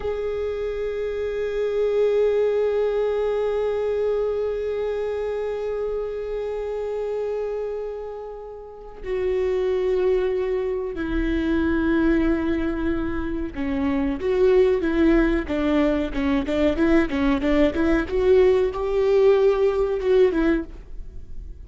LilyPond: \new Staff \with { instrumentName = "viola" } { \time 4/4 \tempo 4 = 93 gis'1~ | gis'1~ | gis'1~ | gis'2 fis'2~ |
fis'4 e'2.~ | e'4 cis'4 fis'4 e'4 | d'4 cis'8 d'8 e'8 cis'8 d'8 e'8 | fis'4 g'2 fis'8 e'8 | }